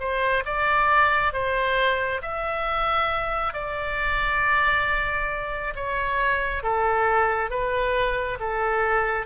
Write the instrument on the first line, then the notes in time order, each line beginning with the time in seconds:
oboe
0.00 C5
0.45 D5
1.33 C5
2.22 E5
3.53 D5
5.76 C#5
6.63 A4
7.50 B4
8.40 A4